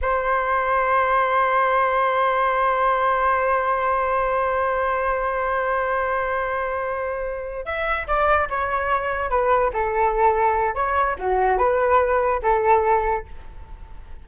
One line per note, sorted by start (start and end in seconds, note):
0.01 7.65 C5
7.65 8.07 E5
8.07 8.48 D5
8.49 9.30 C#5
9.30 9.71 B4
9.73 10.75 A4
10.75 11.16 C#5
11.19 11.57 F#4
11.57 12.40 B4
12.42 13.25 A4